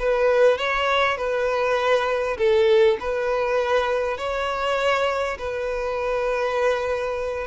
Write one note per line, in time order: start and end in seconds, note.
0.00 0.58 B4
0.58 1.18 C#5
1.18 2.38 B4
2.38 2.98 A4
3.01 4.18 B4
4.18 5.38 C#5
5.39 7.48 B4